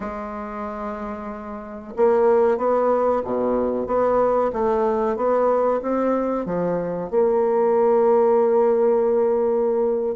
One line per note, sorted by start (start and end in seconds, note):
0.00 1.93 G#3
1.96 2.57 A#3
2.57 3.22 B3
3.24 3.87 B2
3.87 4.51 B3
4.52 5.16 A3
5.16 5.80 B3
5.82 6.45 C4
6.45 7.10 F3
7.10 10.15 A#3